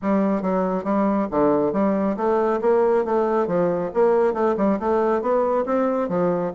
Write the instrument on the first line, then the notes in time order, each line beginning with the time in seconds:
bassoon
0.01 G3
0.42 F#3
0.84 G3
1.30 D3
1.73 G3
2.16 A3
2.61 A#3
3.04 A3
3.47 F3
3.93 A#3
4.33 A3
4.57 G3
4.79 A3
5.21 B3
5.65 C4
6.08 F3